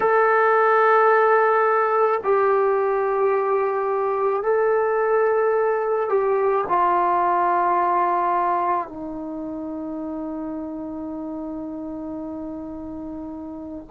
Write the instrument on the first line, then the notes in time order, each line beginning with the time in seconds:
trombone
0.00 A4
2.23 G4
4.42 A4
6.09 G4
6.68 F4
8.88 D#4